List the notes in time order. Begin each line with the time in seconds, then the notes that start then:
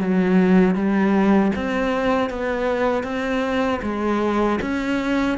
0.00 F#3
0.74 G3
1.55 C4
2.29 B3
3.03 C4
3.82 G#3
4.61 C#4